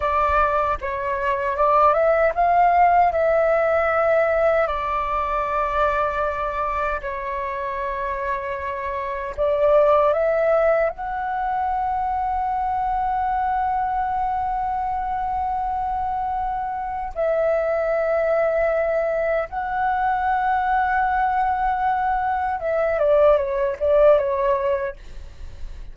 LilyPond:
\new Staff \with { instrumentName = "flute" } { \time 4/4 \tempo 4 = 77 d''4 cis''4 d''8 e''8 f''4 | e''2 d''2~ | d''4 cis''2. | d''4 e''4 fis''2~ |
fis''1~ | fis''2 e''2~ | e''4 fis''2.~ | fis''4 e''8 d''8 cis''8 d''8 cis''4 | }